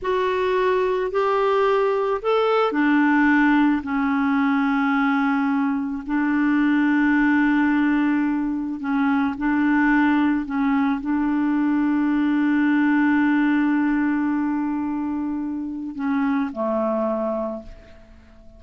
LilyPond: \new Staff \with { instrumentName = "clarinet" } { \time 4/4 \tempo 4 = 109 fis'2 g'2 | a'4 d'2 cis'4~ | cis'2. d'4~ | d'1 |
cis'4 d'2 cis'4 | d'1~ | d'1~ | d'4 cis'4 a2 | }